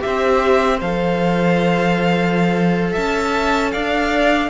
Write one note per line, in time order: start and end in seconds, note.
0.00 0.78 G4
0.00 0.80 E5
0.06 0.82 C4
0.06 2.92 C5
0.81 2.96 F3
0.81 4.50 A4
0.81 2.95 F5
2.92 3.75 C#4
2.92 3.70 E5
2.92 3.72 A5
3.72 4.50 D4
3.72 4.50 D5
3.72 4.50 F5